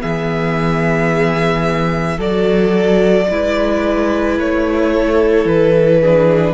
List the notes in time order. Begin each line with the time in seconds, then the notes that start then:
0.00 E3 B3 G#4 E5
2.17 F#3 F#4 A4 D5
3.30 G#3 E4 B4
4.39 A3 C#5
4.92 A4
5.45 E3 B4
6.01 D4 G#4